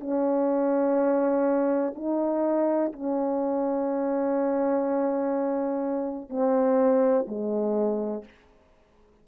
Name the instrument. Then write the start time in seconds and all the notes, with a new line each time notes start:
horn
0.00 C#4
1.95 D#4
2.93 C#4
6.29 C4
7.27 G#3